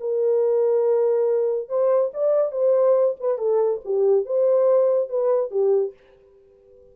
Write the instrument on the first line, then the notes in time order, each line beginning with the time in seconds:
horn
0.00 A#4
1.69 C5
2.14 D5
2.52 C5
3.20 B4
3.38 A4
3.85 G4
4.26 C5
5.09 B4
5.51 G4